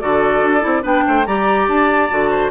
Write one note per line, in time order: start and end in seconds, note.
0.00 0.42 D3
0.00 0.60 F#4
0.00 0.82 A4
0.00 0.83 D5
0.42 0.63 D4
0.60 0.83 C4
0.60 0.81 E4
0.82 1.04 B3
0.82 1.24 D4
0.82 1.03 B4
0.82 1.25 G5
1.06 1.26 A3
1.06 1.27 C5
1.25 1.68 G3
1.25 2.10 G4
1.25 2.30 D5
1.25 1.67 A#5
1.68 2.09 D4
1.68 2.50 A5
2.10 2.50 D3
2.10 2.50 F#4
2.30 2.50 C5